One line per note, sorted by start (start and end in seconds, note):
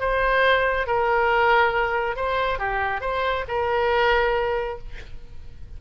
0.00 0.87 C5
0.87 2.16 A#4
2.16 2.59 C5
2.59 3.01 G4
3.01 3.44 C5
3.48 4.78 A#4